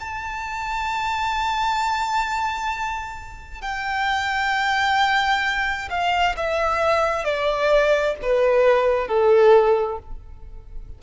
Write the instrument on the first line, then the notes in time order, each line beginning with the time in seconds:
violin
0.00 A5
3.62 G5
5.90 F5
6.37 E5
7.24 D5
8.22 B4
9.07 A4